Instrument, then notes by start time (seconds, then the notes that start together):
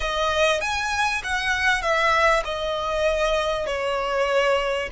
violin
0.00 D#5
0.60 G#5
1.23 F#5
1.82 E5
2.44 D#5
3.66 C#5